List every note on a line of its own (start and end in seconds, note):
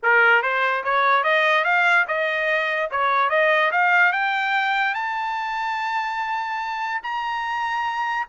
0.02 0.42 A#4
0.42 0.83 C5
0.84 1.23 C#5
1.23 1.64 D#5
1.64 2.05 F5
2.07 2.90 D#5
2.91 3.29 C#5
3.29 3.71 D#5
3.71 4.12 F5
4.12 4.94 G5
4.94 7.01 A5
7.03 8.27 A#5